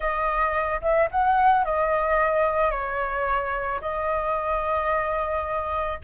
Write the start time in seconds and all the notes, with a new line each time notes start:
0.00 D#5
0.81 E5
1.11 F#5
1.64 D#5
2.70 C#5
3.81 D#5